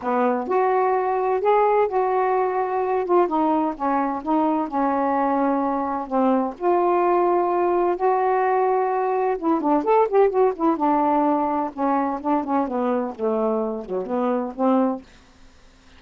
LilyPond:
\new Staff \with { instrumentName = "saxophone" } { \time 4/4 \tempo 4 = 128 b4 fis'2 gis'4 | fis'2~ fis'8 f'8 dis'4 | cis'4 dis'4 cis'2~ | cis'4 c'4 f'2~ |
f'4 fis'2. | e'8 d'8 a'8 g'8 fis'8 e'8 d'4~ | d'4 cis'4 d'8 cis'8 b4 | a4. fis8 b4 c'4 | }